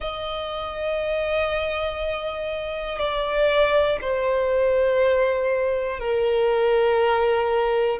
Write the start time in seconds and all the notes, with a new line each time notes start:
0.00 D#5
2.98 D5
4.01 C5
5.99 A#4